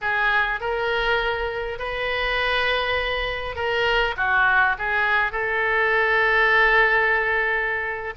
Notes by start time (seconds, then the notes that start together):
0.01 G#4
0.60 A#4
1.78 B4
3.55 A#4
4.16 F#4
4.78 G#4
5.31 A4